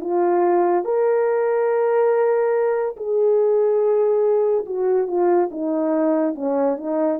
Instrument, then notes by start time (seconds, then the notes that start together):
horn
0.00 F4
0.84 A#4
2.96 G#4
4.65 F#4
5.07 F4
5.50 D#4
6.35 C#4
6.77 D#4